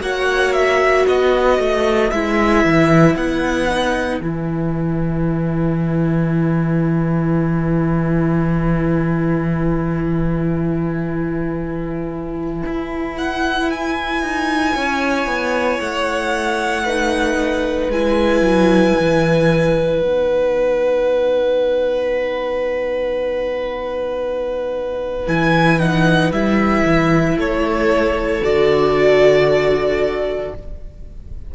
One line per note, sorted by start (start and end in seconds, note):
0.00 1.05 A#3
0.00 2.11 F#4
0.00 1.08 C#5
0.00 0.53 F#5
0.53 1.05 E5
1.07 1.59 B3
1.07 14.74 B4
1.07 2.11 D#5
1.59 2.11 A3
2.11 2.64 G#3
2.11 3.68 E4
2.11 3.16 E5
2.64 3.15 E3
3.15 4.20 B3
3.15 4.21 F#5
3.68 4.21 D#4
4.21 12.63 E3
4.21 16.86 E4
4.21 13.16 G#5
12.66 14.22 E4
13.18 13.70 F#5
13.71 15.80 G#5
14.22 14.75 D#4
14.74 15.27 C#4
14.74 16.84 C#5
15.27 15.79 B3
15.80 17.88 A3
15.80 17.91 F#5
16.85 17.92 D#4
16.85 27.38 B4
17.88 18.41 G#3
17.88 20.01 E4
17.88 20.00 G#5
18.41 18.94 F#3
18.99 20.02 E3
20.00 25.28 B3
20.00 25.27 D#4
20.00 25.27 F#5
25.27 26.31 E3
25.27 25.79 E4
25.27 25.79 G#5
25.79 26.32 D#4
25.79 26.31 F#5
26.31 26.84 G3
26.31 28.43 E4
26.31 27.37 E5
26.86 27.37 E3
27.37 28.41 A3
27.37 30.54 A4
27.37 28.44 C#5
28.41 30.52 D3
28.41 30.54 F#4
28.41 30.54 D5